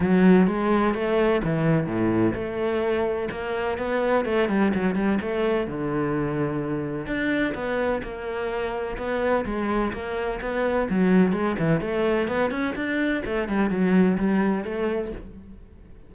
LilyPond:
\new Staff \with { instrumentName = "cello" } { \time 4/4 \tempo 4 = 127 fis4 gis4 a4 e4 | a,4 a2 ais4 | b4 a8 g8 fis8 g8 a4 | d2. d'4 |
b4 ais2 b4 | gis4 ais4 b4 fis4 | gis8 e8 a4 b8 cis'8 d'4 | a8 g8 fis4 g4 a4 | }